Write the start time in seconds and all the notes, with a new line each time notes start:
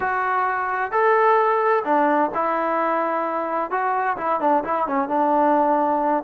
0.00 F#4
0.91 A4
1.84 D4
2.34 E4
3.70 F#4
4.17 E4
4.40 D4
4.64 E4
4.87 C#4
5.08 D4